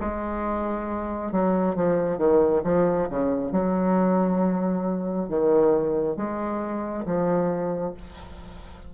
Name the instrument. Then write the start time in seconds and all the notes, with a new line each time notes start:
bassoon
0.00 G#3
1.31 F#3
1.75 F3
2.17 D#3
2.64 F3
3.09 C#3
3.51 F#3
5.28 D#3
6.16 G#3
7.05 F3